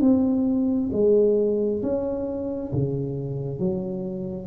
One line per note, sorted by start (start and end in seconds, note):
0.00 0.90 C4
0.92 1.82 G#3
1.82 2.72 C#4
2.72 3.59 C#3
3.59 4.46 F#3